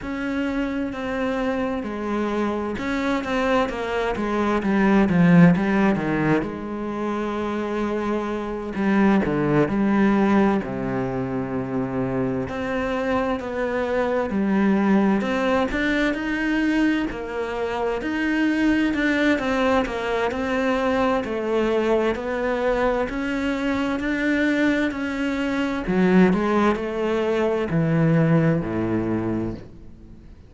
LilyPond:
\new Staff \with { instrumentName = "cello" } { \time 4/4 \tempo 4 = 65 cis'4 c'4 gis4 cis'8 c'8 | ais8 gis8 g8 f8 g8 dis8 gis4~ | gis4. g8 d8 g4 c8~ | c4. c'4 b4 g8~ |
g8 c'8 d'8 dis'4 ais4 dis'8~ | dis'8 d'8 c'8 ais8 c'4 a4 | b4 cis'4 d'4 cis'4 | fis8 gis8 a4 e4 a,4 | }